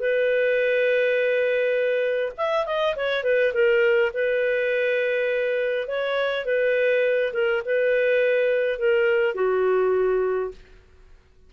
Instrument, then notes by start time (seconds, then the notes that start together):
clarinet
0.00 B4
2.38 E5
2.66 D#5
2.96 C#5
3.24 B4
3.54 A#4
4.14 B4
5.88 C#5
6.46 B4
7.34 A#4
7.65 B4
8.79 A#4
9.35 F#4